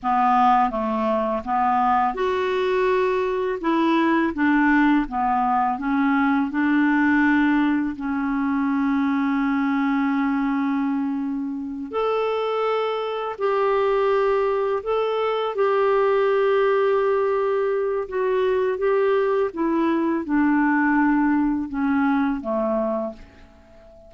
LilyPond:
\new Staff \with { instrumentName = "clarinet" } { \time 4/4 \tempo 4 = 83 b4 a4 b4 fis'4~ | fis'4 e'4 d'4 b4 | cis'4 d'2 cis'4~ | cis'1~ |
cis'8 a'2 g'4.~ | g'8 a'4 g'2~ g'8~ | g'4 fis'4 g'4 e'4 | d'2 cis'4 a4 | }